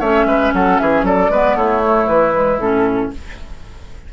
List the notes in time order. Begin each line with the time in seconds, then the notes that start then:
0.00 A3 C#4 C#5 E5
0.26 G#3 B4
0.54 F#3 A4 F#5
0.79 E3 G#4 E5
1.03 F#3 A4 D5
1.30 G#3 B3 B4
1.55 A3 E4 C#5
1.84 A3
2.08 E3 B4
2.34 G#3
2.58 A2 C#4 A4